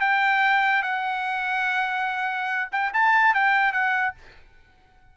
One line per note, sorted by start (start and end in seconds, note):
0.00 0.83 G5
0.83 2.69 F#5
2.72 2.92 G5
2.93 3.34 A5
3.34 3.73 G5
3.73 4.14 F#5